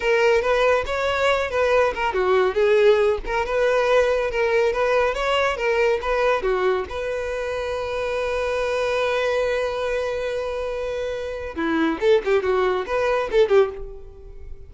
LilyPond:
\new Staff \with { instrumentName = "violin" } { \time 4/4 \tempo 4 = 140 ais'4 b'4 cis''4. b'8~ | b'8 ais'8 fis'4 gis'4. ais'8 | b'2 ais'4 b'4 | cis''4 ais'4 b'4 fis'4 |
b'1~ | b'1~ | b'2. e'4 | a'8 g'8 fis'4 b'4 a'8 g'8 | }